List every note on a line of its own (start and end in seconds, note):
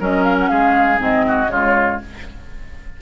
0.00 0.51 F#3
0.00 0.98 C#4
0.00 0.50 A#4
0.00 0.24 D#5
0.24 0.36 F5
0.39 0.50 F#5
0.50 0.99 G#3
0.50 1.26 G#4
0.50 1.00 F5
0.98 1.47 G#2
0.98 1.48 C4
0.98 1.51 D#5
1.28 1.51 F#4
1.47 1.98 C#3
1.47 2.01 G#3
1.47 2.01 F4
1.47 2.01 C#5